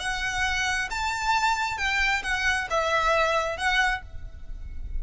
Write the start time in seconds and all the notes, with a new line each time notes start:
0.00 F#5
0.91 A5
1.78 G5
2.23 F#5
2.71 E5
3.58 F#5